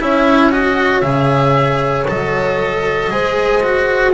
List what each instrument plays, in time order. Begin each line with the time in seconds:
0.00 double bass C#4, cello E4, horn C#5, oboe E5
0.51 cello F#4, oboe D#5
1.01 double bass C#3, cello G#4, oboe E5
2.08 double bass F#3, cello A4, oboe D#5
3.11 double bass G#3, cello G#4, horn C5
3.62 cello F#4